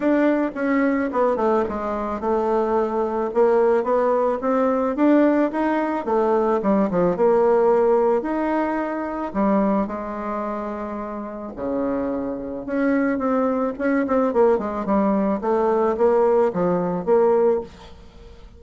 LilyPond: \new Staff \with { instrumentName = "bassoon" } { \time 4/4 \tempo 4 = 109 d'4 cis'4 b8 a8 gis4 | a2 ais4 b4 | c'4 d'4 dis'4 a4 | g8 f8 ais2 dis'4~ |
dis'4 g4 gis2~ | gis4 cis2 cis'4 | c'4 cis'8 c'8 ais8 gis8 g4 | a4 ais4 f4 ais4 | }